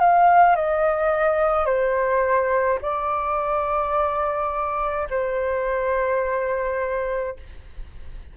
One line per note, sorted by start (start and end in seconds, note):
0.00 0.56 F5
0.56 1.66 D#5
1.66 2.79 C5
2.82 5.08 D5
5.10 7.36 C5